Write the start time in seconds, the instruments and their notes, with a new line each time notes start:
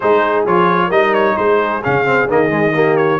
0.00 tuba G#3, trombone D#4, horn G#4, trumpet C5
0.46 tuba F3, trombone F4, trumpet C#5
0.87 tuba G3, trombone D#4, horn A#4, trumpet D#5
1.14 trumpet C#5
1.36 tuba G#3, horn G#4, trumpet C5
1.83 tuba C#3, trombone C#4, trumpet F5
2.05 trombone C4
2.29 tuba D#3, trombone A#3, trumpet D#5
2.49 trombone G#3
2.73 trombone A#3, horn G4
2.97 trumpet C#5